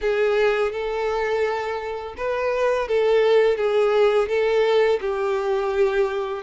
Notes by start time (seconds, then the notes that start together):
0.01 G#4
0.71 A4
2.17 B4
2.87 A4
3.57 G#4
4.28 A4
5.00 G4